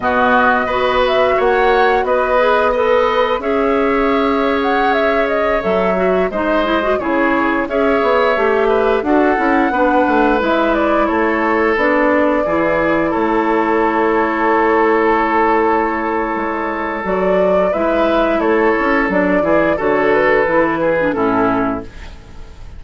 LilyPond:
<<
  \new Staff \with { instrumentName = "flute" } { \time 4/4 \tempo 4 = 88 dis''4. e''8 fis''4 dis''4 | b'4 e''4.~ e''16 fis''8 e''8 dis''16~ | dis''16 e''4 dis''4 cis''4 e''8.~ | e''4~ e''16 fis''2 e''8 d''16~ |
d''16 cis''4 d''2 cis''8.~ | cis''1~ | cis''4 d''4 e''4 cis''4 | d''4 cis''8 b'4. a'4 | }
  \new Staff \with { instrumentName = "oboe" } { \time 4/4 fis'4 b'4 cis''4 b'4 | dis''4 cis''2.~ | cis''4~ cis''16 c''4 gis'4 cis''8.~ | cis''8. b'8 a'4 b'4.~ b'16~ |
b'16 a'2 gis'4 a'8.~ | a'1~ | a'2 b'4 a'4~ | a'8 gis'8 a'4. gis'8 e'4 | }
  \new Staff \with { instrumentName = "clarinet" } { \time 4/4 b4 fis'2~ fis'8 gis'8 | a'4 gis'2.~ | gis'16 a'8 fis'8 dis'8 e'16 fis'16 e'4 gis'8.~ | gis'16 g'4 fis'8 e'8 d'4 e'8.~ |
e'4~ e'16 d'4 e'4.~ e'16~ | e'1~ | e'4 fis'4 e'2 | d'8 e'8 fis'4 e'8. d'16 cis'4 | }
  \new Staff \with { instrumentName = "bassoon" } { \time 4/4 b,4 b4 ais4 b4~ | b4 cis'2.~ | cis'16 fis4 gis4 cis4 cis'8 b16~ | b16 a4 d'8 cis'8 b8 a8 gis8.~ |
gis16 a4 b4 e4 a8.~ | a1 | gis4 fis4 gis4 a8 cis'8 | fis8 e8 d4 e4 a,4 | }
>>